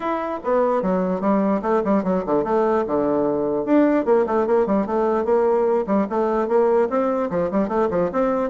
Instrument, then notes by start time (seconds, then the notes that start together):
bassoon
0.00 E4
0.43 B3
0.82 F#3
1.21 G3
1.62 A3
1.84 G3
2.03 F#3
2.26 D3
2.44 A3
2.86 D3
3.65 D4
4.05 A#3
4.26 A3
4.46 A#3
4.66 G3
4.86 A3
5.24 A#3
5.86 G3
6.09 A3
6.48 A#3
6.89 C4
7.30 F3
7.51 G3
7.68 A3
7.90 F3
8.12 C4